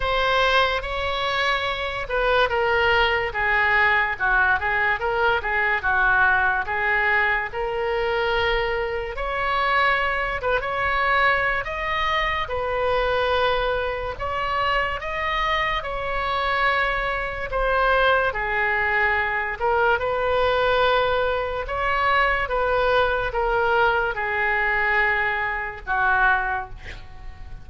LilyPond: \new Staff \with { instrumentName = "oboe" } { \time 4/4 \tempo 4 = 72 c''4 cis''4. b'8 ais'4 | gis'4 fis'8 gis'8 ais'8 gis'8 fis'4 | gis'4 ais'2 cis''4~ | cis''8 b'16 cis''4~ cis''16 dis''4 b'4~ |
b'4 cis''4 dis''4 cis''4~ | cis''4 c''4 gis'4. ais'8 | b'2 cis''4 b'4 | ais'4 gis'2 fis'4 | }